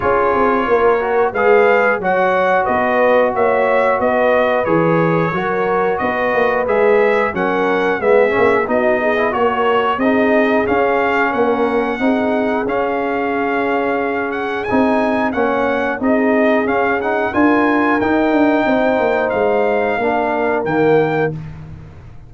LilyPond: <<
  \new Staff \with { instrumentName = "trumpet" } { \time 4/4 \tempo 4 = 90 cis''2 f''4 fis''4 | dis''4 e''4 dis''4 cis''4~ | cis''4 dis''4 e''4 fis''4 | e''4 dis''4 cis''4 dis''4 |
f''4 fis''2 f''4~ | f''4. fis''8 gis''4 fis''4 | dis''4 f''8 fis''8 gis''4 g''4~ | g''4 f''2 g''4 | }
  \new Staff \with { instrumentName = "horn" } { \time 4/4 gis'4 ais'4 b'4 cis''4 | b'4 cis''4 b'2 | ais'4 b'2 ais'4 | gis'4 fis'8 gis'8 ais'4 gis'4~ |
gis'4 ais'4 gis'2~ | gis'2. cis''4 | gis'2 ais'2 | c''2 ais'2 | }
  \new Staff \with { instrumentName = "trombone" } { \time 4/4 f'4. fis'8 gis'4 fis'4~ | fis'2. gis'4 | fis'2 gis'4 cis'4 | b8 cis'8 dis'8. e'16 fis'4 dis'4 |
cis'2 dis'4 cis'4~ | cis'2 dis'4 cis'4 | dis'4 cis'8 dis'8 f'4 dis'4~ | dis'2 d'4 ais4 | }
  \new Staff \with { instrumentName = "tuba" } { \time 4/4 cis'8 c'8 ais4 gis4 fis4 | b4 ais4 b4 e4 | fis4 b8 ais8 gis4 fis4 | gis8 ais8 b4 ais4 c'4 |
cis'4 ais4 c'4 cis'4~ | cis'2 c'4 ais4 | c'4 cis'4 d'4 dis'8 d'8 | c'8 ais8 gis4 ais4 dis4 | }
>>